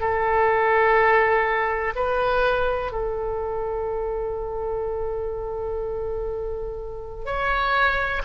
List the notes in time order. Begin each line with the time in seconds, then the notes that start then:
0.00 A4
1.95 B4
2.92 A4
7.25 C#5